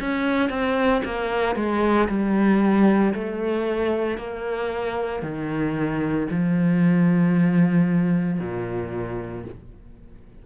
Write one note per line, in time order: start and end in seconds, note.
0.00 0.50 C#4
0.50 1.02 C4
1.05 1.56 A#3
1.56 2.08 G#3
2.09 3.14 G3
3.14 4.18 A3
4.18 5.22 A#3
5.22 6.28 D#3
6.30 8.40 F3
8.40 9.45 A#2